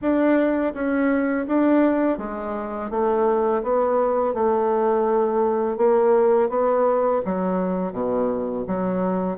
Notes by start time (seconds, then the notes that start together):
0.01 D4
0.74 C#4
1.47 D4
2.18 G#3
2.90 A3
3.62 B3
4.34 A3
5.77 A#3
6.49 B3
7.25 F#3
7.92 B2
8.67 F#3